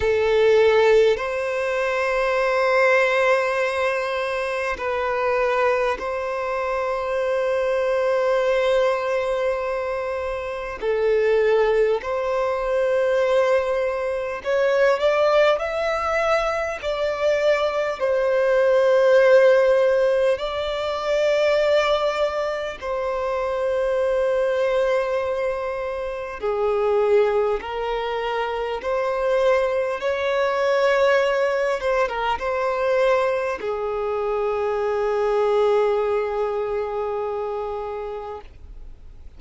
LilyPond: \new Staff \with { instrumentName = "violin" } { \time 4/4 \tempo 4 = 50 a'4 c''2. | b'4 c''2.~ | c''4 a'4 c''2 | cis''8 d''8 e''4 d''4 c''4~ |
c''4 d''2 c''4~ | c''2 gis'4 ais'4 | c''4 cis''4. c''16 ais'16 c''4 | gis'1 | }